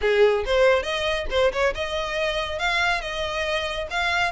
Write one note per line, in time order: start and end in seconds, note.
0.01 0.44 G#4
0.45 0.83 C5
0.83 1.26 D#5
1.30 1.51 C5
1.52 1.74 C#5
1.75 2.58 D#5
2.58 3.01 F5
3.01 3.87 D#5
3.90 4.32 F5